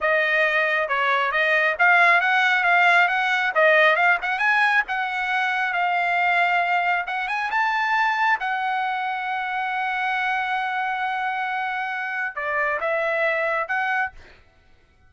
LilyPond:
\new Staff \with { instrumentName = "trumpet" } { \time 4/4 \tempo 4 = 136 dis''2 cis''4 dis''4 | f''4 fis''4 f''4 fis''4 | dis''4 f''8 fis''8 gis''4 fis''4~ | fis''4 f''2. |
fis''8 gis''8 a''2 fis''4~ | fis''1~ | fis''1 | d''4 e''2 fis''4 | }